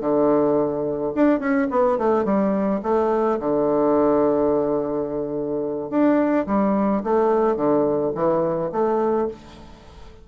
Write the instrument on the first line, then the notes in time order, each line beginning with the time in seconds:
bassoon
0.00 D3
1.14 D4
1.39 C#4
1.70 B3
1.98 A3
2.25 G3
2.83 A3
3.39 D3
5.90 D4
6.46 G3
7.03 A3
7.55 D3
8.14 E3
8.72 A3